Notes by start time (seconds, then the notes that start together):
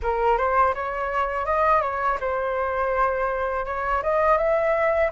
0.02 A#4
0.37 C5
0.74 C#5
1.45 D#5
1.81 C#5
2.20 C5
3.65 C#5
4.02 D#5
4.37 E5